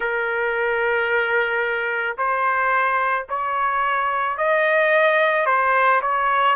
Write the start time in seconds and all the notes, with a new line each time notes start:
0.00 A#4
2.17 C5
3.29 C#5
4.37 D#5
5.45 C5
6.01 C#5